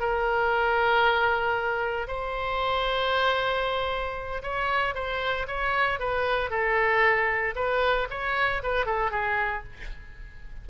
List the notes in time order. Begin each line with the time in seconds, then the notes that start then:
0.00 A#4
2.08 C5
4.43 C#5
4.95 C5
5.48 C#5
6.00 B4
6.51 A4
7.56 B4
8.10 C#5
8.63 B4
8.86 A4
9.11 G#4